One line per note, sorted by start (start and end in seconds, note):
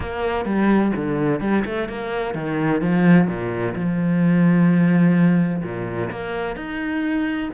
0.00 0.45 A#3
0.45 0.92 G3
0.95 1.40 D3
1.40 1.63 G3
1.65 1.88 A3
1.89 2.34 A#3
2.34 2.81 D#3
2.81 3.27 F3
3.27 3.74 A#2
3.75 5.62 F3
5.63 6.10 A#2
6.10 6.55 A#3
6.55 7.49 D#4